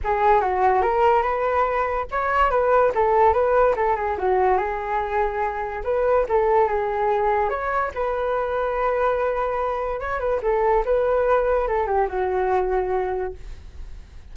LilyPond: \new Staff \with { instrumentName = "flute" } { \time 4/4 \tempo 4 = 144 gis'4 fis'4 ais'4 b'4~ | b'4 cis''4 b'4 a'4 | b'4 a'8 gis'8 fis'4 gis'4~ | gis'2 b'4 a'4 |
gis'2 cis''4 b'4~ | b'1 | cis''8 b'8 a'4 b'2 | a'8 g'8 fis'2. | }